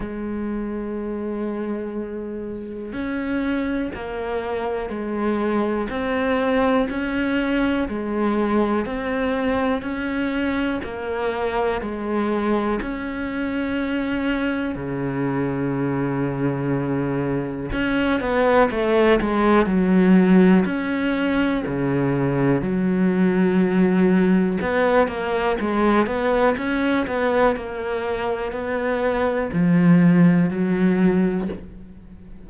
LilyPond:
\new Staff \with { instrumentName = "cello" } { \time 4/4 \tempo 4 = 61 gis2. cis'4 | ais4 gis4 c'4 cis'4 | gis4 c'4 cis'4 ais4 | gis4 cis'2 cis4~ |
cis2 cis'8 b8 a8 gis8 | fis4 cis'4 cis4 fis4~ | fis4 b8 ais8 gis8 b8 cis'8 b8 | ais4 b4 f4 fis4 | }